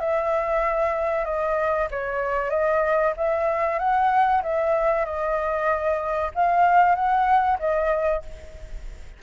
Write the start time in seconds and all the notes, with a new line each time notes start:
0.00 E5
1.25 D#5
1.91 C#5
2.51 D#5
3.18 E5
3.79 F#5
4.43 E5
5.06 D#5
6.35 F5
6.96 F#5
7.60 D#5